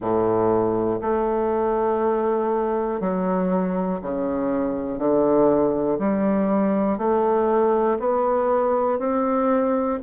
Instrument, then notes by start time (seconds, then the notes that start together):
bassoon
0.00 A2
1.00 A3
3.00 F#3
4.01 C#3
4.98 D3
5.98 G3
6.98 A3
7.99 B3
8.99 C4